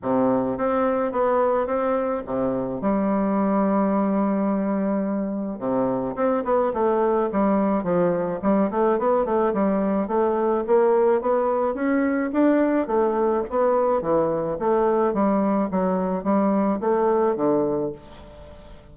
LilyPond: \new Staff \with { instrumentName = "bassoon" } { \time 4/4 \tempo 4 = 107 c4 c'4 b4 c'4 | c4 g2.~ | g2 c4 c'8 b8 | a4 g4 f4 g8 a8 |
b8 a8 g4 a4 ais4 | b4 cis'4 d'4 a4 | b4 e4 a4 g4 | fis4 g4 a4 d4 | }